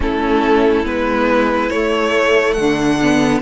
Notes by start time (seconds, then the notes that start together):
0.00 A3 C#4 E4 A4
0.84 G#3 B3 B4
1.69 A3 C#5
2.53 D3 D4 F#5
3.01 B3